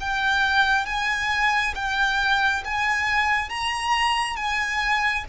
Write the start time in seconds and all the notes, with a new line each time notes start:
0.00 G5
0.85 G#5
1.74 G5
2.64 G#5
3.49 A#5
4.36 G#5